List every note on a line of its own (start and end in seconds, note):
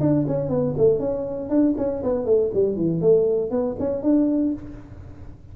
0.00 0.25 D4
0.27 0.49 C#4
0.49 0.74 B3
0.77 0.99 A3
0.99 1.50 C#4
1.50 1.75 D4
1.77 2.03 C#4
2.03 2.26 B3
2.26 2.51 A3
2.54 2.76 G3
2.76 3.01 E3
3.01 3.51 A3
3.51 3.76 B3
3.79 4.03 C#4
4.03 4.53 D4